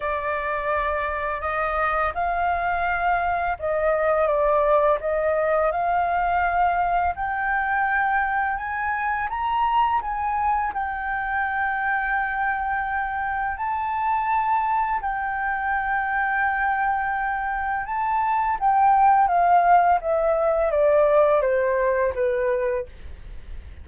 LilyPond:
\new Staff \with { instrumentName = "flute" } { \time 4/4 \tempo 4 = 84 d''2 dis''4 f''4~ | f''4 dis''4 d''4 dis''4 | f''2 g''2 | gis''4 ais''4 gis''4 g''4~ |
g''2. a''4~ | a''4 g''2.~ | g''4 a''4 g''4 f''4 | e''4 d''4 c''4 b'4 | }